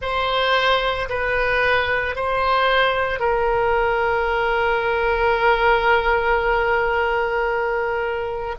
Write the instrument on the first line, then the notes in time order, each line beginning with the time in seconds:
oboe
0.01 C5
1.09 B4
2.15 C5
3.19 A#4